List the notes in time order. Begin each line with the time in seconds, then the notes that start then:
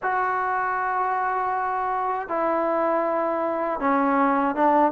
0.02 F#4
2.28 E4
3.80 C#4
4.55 D4